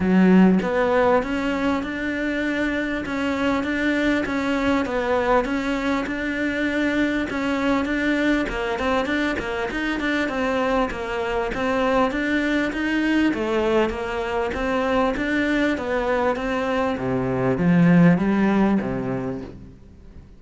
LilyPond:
\new Staff \with { instrumentName = "cello" } { \time 4/4 \tempo 4 = 99 fis4 b4 cis'4 d'4~ | d'4 cis'4 d'4 cis'4 | b4 cis'4 d'2 | cis'4 d'4 ais8 c'8 d'8 ais8 |
dis'8 d'8 c'4 ais4 c'4 | d'4 dis'4 a4 ais4 | c'4 d'4 b4 c'4 | c4 f4 g4 c4 | }